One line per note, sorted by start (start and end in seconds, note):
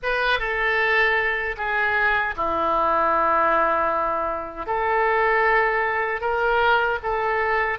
0.02 0.39 B4
0.39 1.56 A4
1.57 2.34 G#4
2.36 4.66 E4
4.66 6.20 A4
6.20 6.98 A#4
7.03 7.78 A4